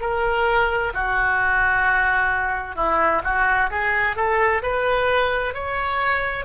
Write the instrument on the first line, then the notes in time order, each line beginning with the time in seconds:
oboe
0.00 A#4
0.93 F#4
2.75 E4
3.23 F#4
3.70 G#4
4.16 A4
4.62 B4
5.53 C#5